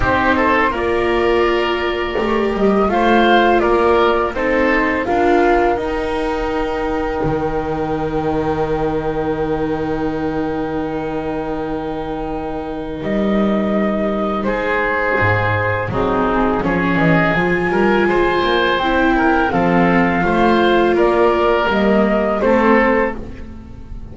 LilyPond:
<<
  \new Staff \with { instrumentName = "flute" } { \time 4/4 \tempo 4 = 83 c''4 d''2~ d''8 dis''8 | f''4 d''4 c''4 f''4 | g''1~ | g''1~ |
g''2 dis''2 | c''2 gis'4 cis''8 dis''8 | gis''2 g''4 f''4~ | f''4 d''4 dis''4 c''4 | }
  \new Staff \with { instrumentName = "oboe" } { \time 4/4 g'8 a'8 ais'2. | c''4 ais'4 a'4 ais'4~ | ais'1~ | ais'1~ |
ais'1 | gis'2 dis'4 gis'4~ | gis'8 ais'8 c''4. ais'8 a'4 | c''4 ais'2 a'4 | }
  \new Staff \with { instrumentName = "viola" } { \time 4/4 dis'4 f'2 g'4 | f'2 dis'4 f'4 | dis'1~ | dis'1~ |
dis'1~ | dis'2 c'4 cis'4 | f'2 e'4 c'4 | f'2 ais4 c'4 | }
  \new Staff \with { instrumentName = "double bass" } { \time 4/4 c'4 ais2 a8 g8 | a4 ais4 c'4 d'4 | dis'2 dis2~ | dis1~ |
dis2 g2 | gis4 gis,4 fis4 f8 e8 | f8 g8 gis8 ais8 c'4 f4 | a4 ais4 g4 a4 | }
>>